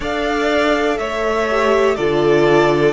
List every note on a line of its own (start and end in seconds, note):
0.00 0.98 D4
0.00 1.46 A4
0.00 0.98 D5
0.00 0.97 F5
0.97 1.96 A3
0.97 1.96 C#5
0.97 1.95 E5
1.50 1.98 G4
1.95 2.93 D3
1.95 2.93 F4
1.95 2.93 A4
1.95 2.93 D5